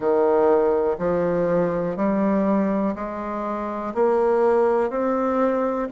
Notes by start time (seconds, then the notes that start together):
0.00 D#3
0.98 F3
1.96 G3
2.95 G#3
3.94 A#3
4.90 C4